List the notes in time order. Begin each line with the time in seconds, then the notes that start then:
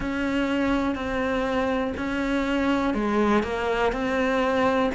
0.00 C#4
0.95 C4
1.96 C#4
2.94 G#3
3.43 A#3
3.92 C4